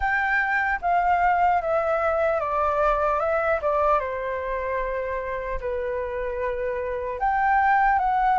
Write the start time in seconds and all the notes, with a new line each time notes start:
0.00 G5
0.81 F5
1.61 E5
2.40 D5
3.19 E5
3.61 D5
3.99 C5
5.60 B4
7.19 G5
7.99 F#5